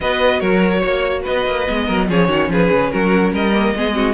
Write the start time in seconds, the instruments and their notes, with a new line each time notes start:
0.00 cello B3, viola F#4, violin B4 D#5
0.39 cello F#3, violin A#4 C#5
0.80 cello A#3, violin C#5
1.21 cello B3, violin B4 D#5
1.46 cello A#3
1.66 cello G#3, viola B3
1.86 cello F#3, violin A#4
2.09 cello F3, viola C#4, violin G#4 C#5
2.28 cello D#3, violin F#4
2.49 cello F3, violin G#4 B4
2.71 cello C#3
2.91 cello F#3, violin F#4 A#4
3.32 cello G3, violin A#4 D#5
3.53 viola A#3
3.75 cello G#3, viola B3, violin G#4
3.93 viola C4, violin F#4